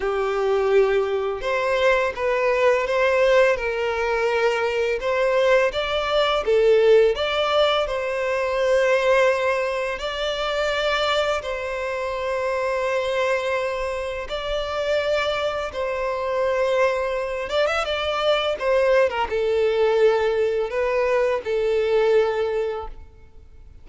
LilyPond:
\new Staff \with { instrumentName = "violin" } { \time 4/4 \tempo 4 = 84 g'2 c''4 b'4 | c''4 ais'2 c''4 | d''4 a'4 d''4 c''4~ | c''2 d''2 |
c''1 | d''2 c''2~ | c''8 d''16 e''16 d''4 c''8. ais'16 a'4~ | a'4 b'4 a'2 | }